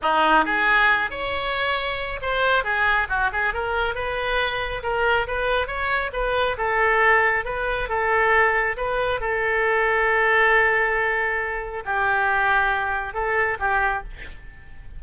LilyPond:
\new Staff \with { instrumentName = "oboe" } { \time 4/4 \tempo 4 = 137 dis'4 gis'4. cis''4.~ | cis''4 c''4 gis'4 fis'8 gis'8 | ais'4 b'2 ais'4 | b'4 cis''4 b'4 a'4~ |
a'4 b'4 a'2 | b'4 a'2.~ | a'2. g'4~ | g'2 a'4 g'4 | }